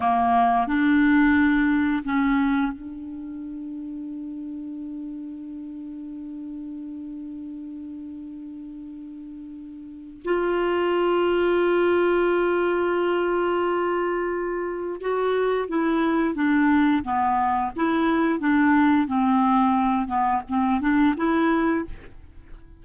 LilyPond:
\new Staff \with { instrumentName = "clarinet" } { \time 4/4 \tempo 4 = 88 ais4 d'2 cis'4 | d'1~ | d'1~ | d'2. f'4~ |
f'1~ | f'2 fis'4 e'4 | d'4 b4 e'4 d'4 | c'4. b8 c'8 d'8 e'4 | }